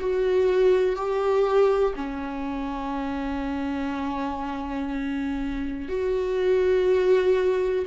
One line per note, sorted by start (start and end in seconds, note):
0.00 0.96 F#4
0.96 1.94 G4
1.96 5.89 C#4
5.89 7.86 F#4